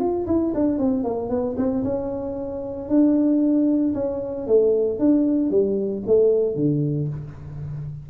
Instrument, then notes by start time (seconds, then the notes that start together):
tuba
0.00 F4
0.27 E4
0.55 D4
0.79 C4
1.04 A#3
1.30 B3
1.57 C4
1.84 C#4
2.89 D4
3.95 C#4
4.47 A3
5.00 D4
5.51 G3
6.07 A3
6.56 D3